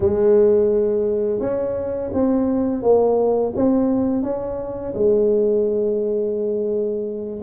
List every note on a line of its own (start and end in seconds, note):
0.00 1.39 G#3
1.39 2.10 C#4
2.13 2.82 C4
2.82 3.53 A#3
3.55 4.23 C4
4.23 4.93 C#4
4.94 7.41 G#3